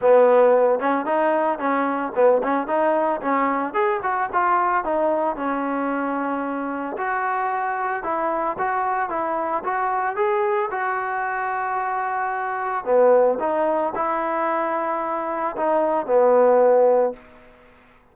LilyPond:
\new Staff \with { instrumentName = "trombone" } { \time 4/4 \tempo 4 = 112 b4. cis'8 dis'4 cis'4 | b8 cis'8 dis'4 cis'4 gis'8 fis'8 | f'4 dis'4 cis'2~ | cis'4 fis'2 e'4 |
fis'4 e'4 fis'4 gis'4 | fis'1 | b4 dis'4 e'2~ | e'4 dis'4 b2 | }